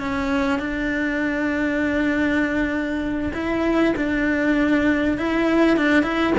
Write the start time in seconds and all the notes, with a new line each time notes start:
0.00 C#4
0.60 D4
3.34 E4
3.97 D4
5.18 E4
5.77 D4
6.03 E4